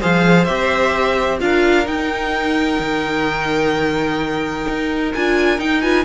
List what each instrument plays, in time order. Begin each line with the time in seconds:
0.00 cello F3, viola G#4, violin C5 F5
0.44 cello C4, viola G4, violin E5
1.39 cello D4, viola F4, violin A#4 F5
1.84 viola D#4, cello D#4, violin G5
2.79 cello D#3
4.68 cello D#4
5.14 cello D4, viola F4, violin G#5
5.58 viola D#4, cello D#4, violin G5
5.81 viola F4, violin B4 G#5